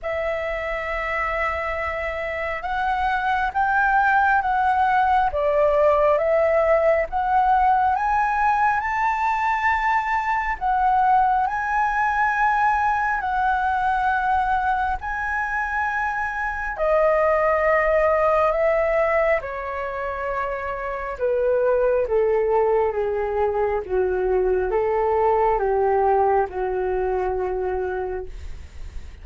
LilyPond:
\new Staff \with { instrumentName = "flute" } { \time 4/4 \tempo 4 = 68 e''2. fis''4 | g''4 fis''4 d''4 e''4 | fis''4 gis''4 a''2 | fis''4 gis''2 fis''4~ |
fis''4 gis''2 dis''4~ | dis''4 e''4 cis''2 | b'4 a'4 gis'4 fis'4 | a'4 g'4 fis'2 | }